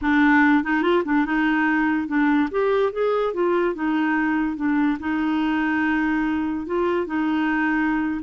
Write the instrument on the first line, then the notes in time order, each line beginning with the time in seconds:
clarinet
0.01 D4
0.63 D#4
0.82 F4
1.04 D4
1.25 D#4
2.07 D4
2.51 G4
2.92 G#4
3.33 F4
3.74 D#4
4.56 D4
4.99 D#4
6.66 F4
7.06 D#4